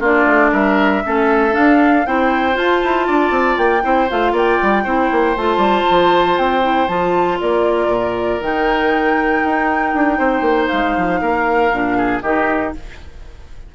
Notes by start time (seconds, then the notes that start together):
0.00 A#3 D4 F4 D5
0.26 A3
0.52 G3 A#4 E5
1.05 A3 C#4 A4
1.51 D4 F5
2.06 C4 E4 C5 G5
2.53 F4 A5
2.83 E4
3.07 D4 D5
3.31 C4
3.58 A#3 G5
3.82 C4 E4 C5
4.10 A3 F4 F5
4.32 A#3 D5 G5
4.62 G3
4.84 C4 E4 C5
5.12 A#3
5.37 A3 F4 A5
5.57 G3
5.90 F3
6.38 C4 G5
6.62 E4
6.88 F3 F4 A5
7.40 A#3 A#4 D5
7.88 A#2
8.40 D#3 D#4 G5
9.44 D#4
9.94 D4
10.18 C4 C5
10.41 A#3
10.68 G#3 F5
10.97 F3
11.21 A#3 A#4
11.72 A#2 D4
11.97 G#4
12.22 D#3 D#4 G4 D#5